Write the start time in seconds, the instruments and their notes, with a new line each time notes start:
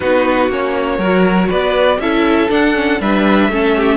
0.00 cello B3, viola D#4, violin F#4 B4
0.48 cello A#3, viola C#4, violin C#5
0.98 cello F#3, viola F#4, violin A#4
1.49 cello B3, violin B4 D5
1.98 cello C#4, viola E4, violin A4 E5
2.48 viola D4, cello D4, violin F#5
2.73 viola C#4
3.00 cello G3, viola D4, violin B4 E5
3.48 cello A3, viola C#4, violin A4
3.76 violin G4